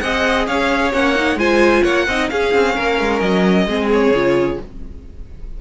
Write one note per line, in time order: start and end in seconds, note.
0.00 0.48 C4
0.00 0.93 G#4
0.00 0.48 D#5
0.00 0.46 F#5
0.47 0.93 C#4
0.47 1.39 C#5
0.47 0.93 F5
0.93 1.36 A#3
0.93 1.15 C#4
0.93 1.39 F#5
1.15 1.38 D#4
1.36 1.82 G#3
1.36 2.07 F4
1.36 1.83 C5
1.36 1.84 G#5
1.83 2.08 A#3
1.83 2.06 C#5
1.83 2.29 F#5
2.08 2.30 C4
2.08 2.34 D#4
2.08 2.31 D#5
2.30 2.54 C#4
2.30 3.68 C#4
2.30 2.75 G#4
2.30 3.20 F5
2.54 2.77 C4
2.75 3.00 A#3
2.75 3.67 A#4
3.00 3.21 G#3
3.20 3.67 F#3
3.20 3.89 D#5
3.67 4.12 G#3
3.67 4.14 C4
3.67 4.61 G#4
3.92 4.61 C#5
4.12 4.57 C#3
4.12 4.61 F4